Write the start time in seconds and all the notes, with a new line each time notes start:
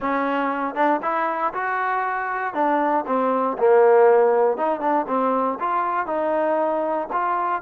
0.00 C#4
0.74 D4
1.02 E4
1.53 F#4
2.54 D4
3.06 C4
3.58 A#3
4.57 D#4
4.80 D4
5.07 C4
5.59 F4
6.06 D#4
7.12 F4